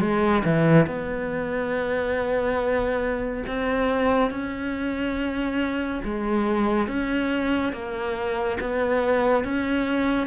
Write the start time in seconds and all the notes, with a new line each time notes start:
0.00 G#3
0.44 E3
0.86 B3
3.47 C4
4.30 C#4
6.04 G#3
6.87 C#4
7.73 A#3
8.60 B3
9.44 C#4